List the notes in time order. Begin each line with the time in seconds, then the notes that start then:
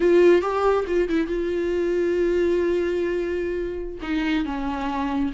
0.00 F4
0.41 G4
0.87 F4
1.08 E4
1.27 F4
4.01 D#4
4.45 C#4